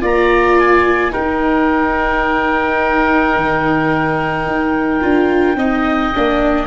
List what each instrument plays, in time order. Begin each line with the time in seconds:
0.00 tuba A#3, viola F4, oboe D5, clarinet A#5
0.59 clarinet G#5
1.10 viola D#4, tuba D#4, oboe A#4, clarinet G5
3.35 tuba D#3
4.46 tuba D#4
5.00 tuba D4, viola F4
5.54 tuba C4, viola D#4, oboe D#5
6.14 tuba A#3, viola D4